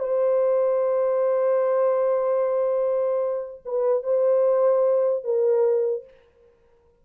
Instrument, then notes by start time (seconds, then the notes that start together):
horn
0.00 C5
3.66 B4
4.04 C5
5.24 A#4